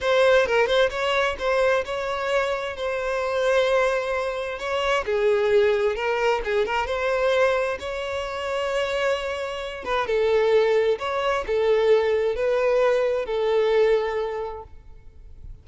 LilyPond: \new Staff \with { instrumentName = "violin" } { \time 4/4 \tempo 4 = 131 c''4 ais'8 c''8 cis''4 c''4 | cis''2 c''2~ | c''2 cis''4 gis'4~ | gis'4 ais'4 gis'8 ais'8 c''4~ |
c''4 cis''2.~ | cis''4. b'8 a'2 | cis''4 a'2 b'4~ | b'4 a'2. | }